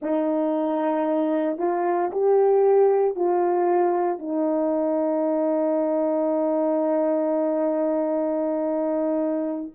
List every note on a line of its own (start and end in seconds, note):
0.01 1.58 D#4
1.58 2.11 F4
2.11 3.15 G4
3.15 4.18 F4
4.18 9.71 D#4